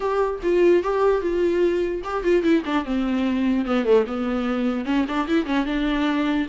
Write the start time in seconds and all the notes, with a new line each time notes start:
0.00 G4
0.43 F4
0.83 G4
1.21 F4
2.04 G4
2.23 F4
2.43 E4
2.65 D4
2.84 C4
3.65 B3
3.84 A3
4.06 B3
4.85 C#4
5.08 D4
5.27 E4
5.45 C#4
5.65 D4